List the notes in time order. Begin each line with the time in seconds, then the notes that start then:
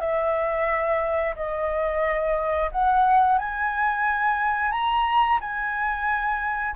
0.00 E5
1.36 D#5
2.71 F#5
3.38 G#5
4.72 A#5
5.41 G#5